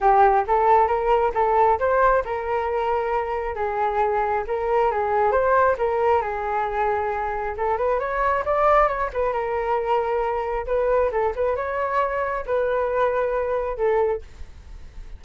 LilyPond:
\new Staff \with { instrumentName = "flute" } { \time 4/4 \tempo 4 = 135 g'4 a'4 ais'4 a'4 | c''4 ais'2. | gis'2 ais'4 gis'4 | c''4 ais'4 gis'2~ |
gis'4 a'8 b'8 cis''4 d''4 | cis''8 b'8 ais'2. | b'4 a'8 b'8 cis''2 | b'2. a'4 | }